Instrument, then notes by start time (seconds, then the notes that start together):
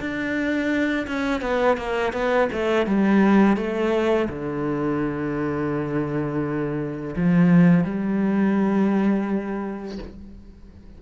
cello
0.00 D4
1.07 C#4
1.42 B3
1.77 A#3
2.13 B3
2.53 A3
2.86 G3
3.57 A3
4.30 D3
7.16 F3
7.84 G3